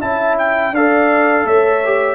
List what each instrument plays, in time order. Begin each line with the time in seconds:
0.00 tuba C#4, trombone E4, horn E5, trumpet A5
0.39 trumpet G5
0.72 tuba D4, trombone A4, horn D5, trumpet F5
1.45 tuba A3, horn C#5, trumpet E5
1.85 trombone G4